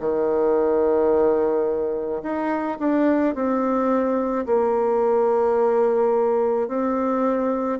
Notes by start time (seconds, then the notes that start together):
0.00 D#3
2.23 D#4
2.79 D4
3.35 C4
4.46 A#3
6.68 C4